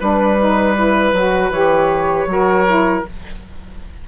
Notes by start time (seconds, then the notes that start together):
0.00 G3 D4 B4
0.39 D#4
0.77 E4
1.13 F#3 F#4
1.50 E3 G4 C#5
2.27 F#3 F#4 A#4
2.67 E4